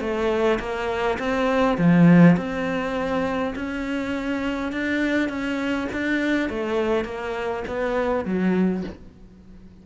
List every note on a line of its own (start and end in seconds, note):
0.00 0.59 A3
0.59 1.18 A#3
1.18 1.77 C4
1.78 2.36 F3
2.36 3.54 C4
3.56 4.72 C#4
4.72 5.29 D4
5.29 5.88 C#4
5.93 6.49 D4
6.49 7.05 A3
7.05 7.63 A#3
7.68 8.25 B3
8.25 8.84 F#3